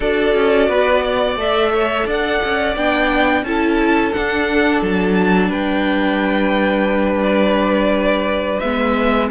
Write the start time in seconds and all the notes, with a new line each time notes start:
0.00 D4 F#4 A4 D5
0.34 C#4
0.68 B3 B4
1.03 D5
1.36 A3 A4 E5
1.73 C#5
2.06 D4 D5 F#5
2.44 C#4
2.75 B3 D4 G5
3.42 C#4 E4 A4 A5
4.12 D4 F#5
4.82 F#3 A5
5.49 G3 B4 G5
7.23 D5
8.59 G#3 B3 E5